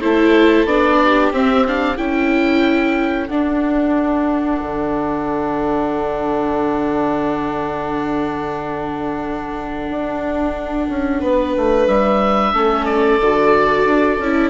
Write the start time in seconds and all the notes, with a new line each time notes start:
0.00 A3 E4 A4 C5
0.65 B3 D4 D5
1.04 G4
1.32 C4 E5
1.67 D4 F5
1.96 C#4 E4 A4 G5
3.28 D4 F#5
4.62 D3
9.89 D4
10.89 C#4
11.20 B3 B4
11.56 A3
11.87 G3 E5
12.53 A3 C#4 A4
12.85 D5
13.20 D3 F#4
13.84 D4
14.18 C#4 E4